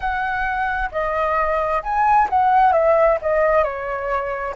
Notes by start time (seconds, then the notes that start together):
0.00 F#5
0.91 D#5
1.82 G#5
2.29 F#5
2.72 E5
3.21 D#5
3.63 C#5